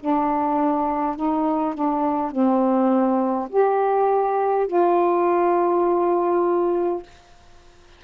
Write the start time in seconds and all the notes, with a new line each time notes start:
0.00 D4
1.16 D#4
1.74 D4
2.30 C4
3.49 G4
4.67 F4